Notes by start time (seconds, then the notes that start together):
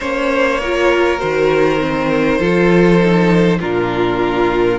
0.00 A#3 C#4 C5 C#5
0.60 F4 A#4
1.18 D#3 F#4 C5
1.79 C4
2.38 F3 F4 A4
2.99 D#4
3.59 A#2 D4 F4 A#4